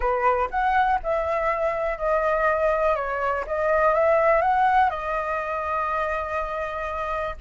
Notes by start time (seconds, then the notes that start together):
0.00 B4
0.50 F#5
1.03 E5
1.98 D#5
2.95 C#5
3.46 D#5
3.93 E5
4.41 F#5
4.90 D#5